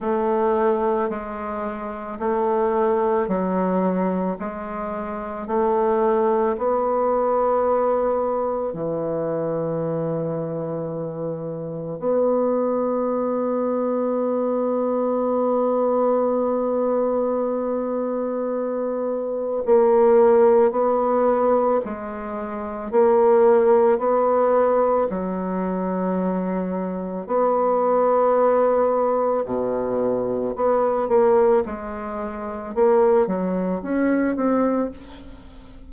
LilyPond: \new Staff \with { instrumentName = "bassoon" } { \time 4/4 \tempo 4 = 55 a4 gis4 a4 fis4 | gis4 a4 b2 | e2. b4~ | b1~ |
b2 ais4 b4 | gis4 ais4 b4 fis4~ | fis4 b2 b,4 | b8 ais8 gis4 ais8 fis8 cis'8 c'8 | }